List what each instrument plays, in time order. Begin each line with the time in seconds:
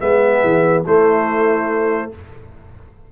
0.00 tuba G#3, trombone B3, horn G#4, trumpet E5
0.43 tuba E3
0.84 tuba A3, trombone A3, horn E4, trumpet C5